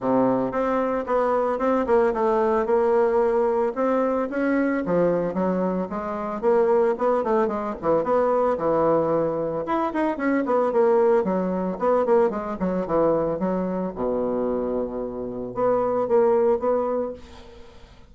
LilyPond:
\new Staff \with { instrumentName = "bassoon" } { \time 4/4 \tempo 4 = 112 c4 c'4 b4 c'8 ais8 | a4 ais2 c'4 | cis'4 f4 fis4 gis4 | ais4 b8 a8 gis8 e8 b4 |
e2 e'8 dis'8 cis'8 b8 | ais4 fis4 b8 ais8 gis8 fis8 | e4 fis4 b,2~ | b,4 b4 ais4 b4 | }